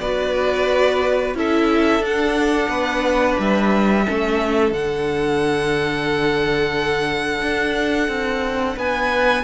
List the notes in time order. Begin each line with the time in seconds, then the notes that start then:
0.00 B3 F#4 B4 D5
1.35 C#4 E4 A4 E5
2.00 D4 F#5
2.68 B3 B4
3.39 G3 E5
4.06 A3 C#4 A4
4.72 D3 D4 F#5
7.42 D4
8.09 C4
8.77 B3 B4 G#5